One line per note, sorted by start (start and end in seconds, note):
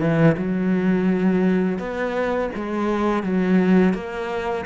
0.00 0.36 E3
0.37 1.79 F#3
1.79 2.50 B3
2.55 3.23 G#3
3.23 3.94 F#3
3.94 4.65 A#3